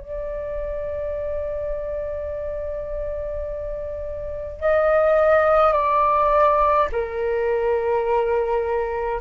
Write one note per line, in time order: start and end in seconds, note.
0.00 4.60 D5
4.60 5.73 D#5
5.73 6.88 D5
6.92 9.21 A#4